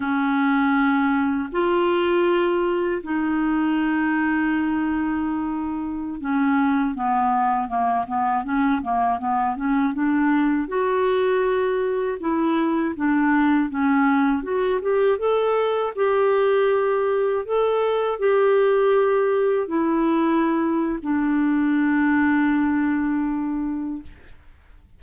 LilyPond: \new Staff \with { instrumentName = "clarinet" } { \time 4/4 \tempo 4 = 80 cis'2 f'2 | dis'1~ | dis'16 cis'4 b4 ais8 b8 cis'8 ais16~ | ais16 b8 cis'8 d'4 fis'4.~ fis'16~ |
fis'16 e'4 d'4 cis'4 fis'8 g'16~ | g'16 a'4 g'2 a'8.~ | a'16 g'2 e'4.~ e'16 | d'1 | }